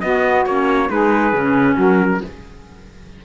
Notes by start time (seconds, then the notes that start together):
0.00 B3 F#4 D#5
0.46 A#3 C#4 C#5
0.88 G#3 D#4 G#4 B4
1.32 C#3 C#4
1.74 F#3 F#4
1.80 A#4